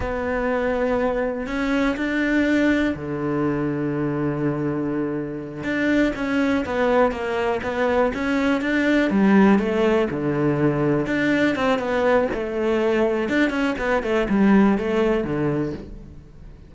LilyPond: \new Staff \with { instrumentName = "cello" } { \time 4/4 \tempo 4 = 122 b2. cis'4 | d'2 d2~ | d2.~ d8 d'8~ | d'8 cis'4 b4 ais4 b8~ |
b8 cis'4 d'4 g4 a8~ | a8 d2 d'4 c'8 | b4 a2 d'8 cis'8 | b8 a8 g4 a4 d4 | }